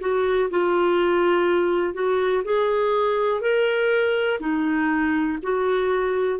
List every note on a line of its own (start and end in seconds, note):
0.00 0.49 F#4
0.50 1.94 F4
1.94 2.43 F#4
2.44 3.41 G#4
3.41 4.39 A#4
4.39 5.38 D#4
5.42 6.39 F#4